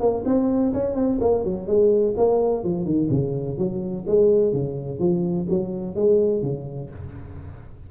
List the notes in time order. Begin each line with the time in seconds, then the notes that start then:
0.00 A#3
0.26 C4
0.73 C#4
0.95 C4
1.21 A#3
1.44 F#3
1.67 G#3
2.17 A#3
2.64 F3
2.85 D#3
3.10 C#3
3.58 F#3
4.07 G#3
4.53 C#3
4.99 F3
5.49 F#3
5.95 G#3
6.42 C#3